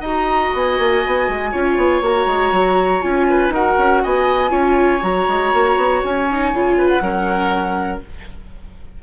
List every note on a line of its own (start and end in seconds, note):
0.00 0.50 D#4
0.00 1.53 F#4
0.00 1.50 D#5
0.00 0.54 A#5
0.53 0.78 B3
0.53 2.05 G#5
0.78 1.03 A#3
1.06 1.28 B3
1.28 1.53 G#3
1.51 1.77 C#4
1.51 2.03 F4
1.51 3.26 C#5
1.77 2.01 B3
2.01 2.26 A#3
2.01 3.02 F#4
2.01 3.01 A#5
2.26 2.51 G#3
2.51 3.01 F#3
3.01 3.49 C#4
3.01 3.52 F4
3.01 3.51 G#5
3.30 3.53 B4
3.49 3.74 D#4
3.49 4.03 A#4
3.49 4.03 F#5
3.56 4.49 F#4
3.78 4.03 C#4
4.03 4.51 B3
4.03 4.51 D#5
4.03 5.02 G#5
4.49 5.01 C#4
4.49 4.99 F4
4.49 6.76 C#5
5.01 5.27 F#3
5.01 6.26 F#4
5.01 6.02 A#5
5.28 5.53 G#3
5.53 5.76 A#3
5.76 6.01 B3
6.03 6.52 C#4
6.03 6.87 G#5
6.31 6.55 D#4
6.52 7.01 C#3
6.52 7.02 F4
6.77 7.02 B4
6.87 7.99 F#5
7.01 8.01 F#3
7.01 8.02 C#4
7.01 8.03 A#4